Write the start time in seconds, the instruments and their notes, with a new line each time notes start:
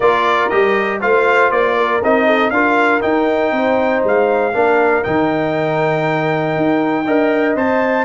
0.00 tuba A#3, trombone F4, horn A#4, trumpet D5
0.49 tuba G3, trombone G4, trumpet D#5
1.00 tuba A3, trombone F4, horn C5, trumpet F5
1.50 tuba A#3, trumpet D5
1.77 horn A#4
2.03 tuba C4, trombone D#4, trumpet D#5
2.26 horn A4
2.50 tuba D4, trombone F4, horn A#4, trumpet F5
3.01 trombone D#4, tuba D#4, trumpet G5
3.51 tuba C4, horn C5
4.03 tuba G#3, trumpet F5
4.53 tuba A#3, trombone D4, horn A#4
5.03 tuba D#3, trombone D#4, trumpet G5
6.56 tuba D#4
7.05 tuba D4, trombone A#4, horn D#5
7.55 tuba C4, trombone C5, trumpet A5